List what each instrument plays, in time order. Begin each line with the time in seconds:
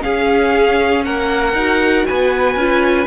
0.00 viola C#4, cello C#4, violin G#4 F5
1.04 cello A#3, violin A#4 F#5
1.53 cello D#4, viola F#4
2.06 cello B3, violin B4 G#5
2.56 cello C#4, viola F4